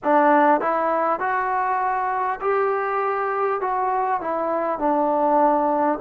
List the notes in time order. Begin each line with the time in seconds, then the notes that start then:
0.03 D4
0.61 E4
1.19 F#4
2.41 G4
3.61 F#4
4.20 E4
4.78 D4